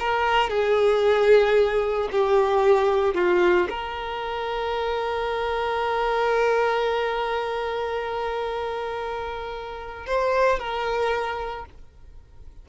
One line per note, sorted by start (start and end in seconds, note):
0.00 0.50 A#4
0.50 2.09 G#4
2.12 3.15 G4
3.15 3.68 F4
3.70 10.07 A#4
10.07 10.60 C5
10.60 11.66 A#4